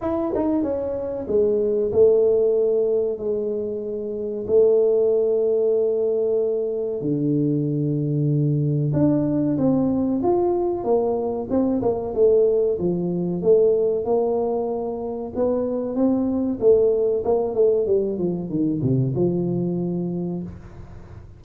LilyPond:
\new Staff \with { instrumentName = "tuba" } { \time 4/4 \tempo 4 = 94 e'8 dis'8 cis'4 gis4 a4~ | a4 gis2 a4~ | a2. d4~ | d2 d'4 c'4 |
f'4 ais4 c'8 ais8 a4 | f4 a4 ais2 | b4 c'4 a4 ais8 a8 | g8 f8 dis8 c8 f2 | }